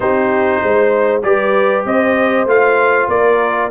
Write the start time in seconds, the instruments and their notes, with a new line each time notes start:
0.00 tuba C4, trombone D#4, horn G4, trumpet C5
0.63 tuba G#3, horn C5
1.23 tuba G3, trombone G4, horn B4, trumpet D5
1.85 tuba C4, horn C5, trumpet D#5
2.45 tuba A3, trombone F4, trumpet F5
3.08 tuba A#3, horn A#4, trumpet D5